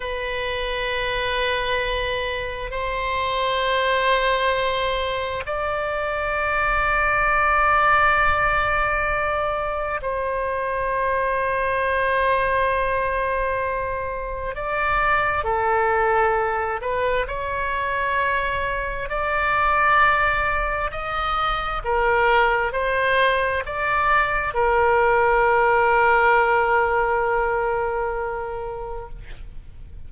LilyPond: \new Staff \with { instrumentName = "oboe" } { \time 4/4 \tempo 4 = 66 b'2. c''4~ | c''2 d''2~ | d''2. c''4~ | c''1 |
d''4 a'4. b'8 cis''4~ | cis''4 d''2 dis''4 | ais'4 c''4 d''4 ais'4~ | ais'1 | }